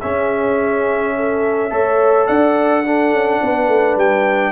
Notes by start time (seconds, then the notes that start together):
0.00 C#4 G#4 E5
1.15 A4
1.70 A3 A4 C#5
2.27 D4 D5 F#5
2.85 D4 A4
3.11 C#4
3.42 B3 B4
3.68 A3
3.96 G3 G5